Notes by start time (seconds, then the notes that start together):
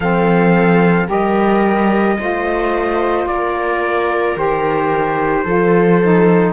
0.00 F3 C4 A4 F5
1.07 G3 G4 A#4 D#5
2.19 A3 F4 C5
3.26 A#3 A#4 D5
4.35 D#3 G4 C5
5.44 F3 F4 A4
6.01 D#4